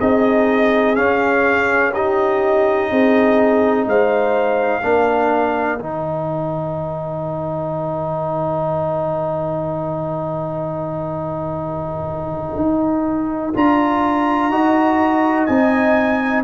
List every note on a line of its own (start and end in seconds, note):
0.00 0.98 C4
0.00 0.96 D#4
0.00 1.93 G#4
0.00 0.96 D#5
0.96 1.93 C#4
0.96 2.92 C#4
0.96 1.93 F5
1.93 4.83 D#4
1.93 2.90 G4
1.93 3.88 D#5
2.91 3.87 C4
2.91 3.87 G#4
3.87 4.83 G#3
3.87 4.84 C5
3.87 5.80 F5
4.83 5.80 A#3
4.83 5.79 D4
4.83 14.51 A#4
5.80 12.56 D#3
5.80 13.54 D#4
5.80 13.54 G5
12.56 13.53 D#4
13.55 14.50 D4
13.55 14.52 F4
13.55 15.47 A#5
14.50 15.47 D#4
14.50 15.49 F#4
14.50 16.44 D#5
15.47 16.44 C4
15.47 16.44 D#4
15.47 16.43 G#5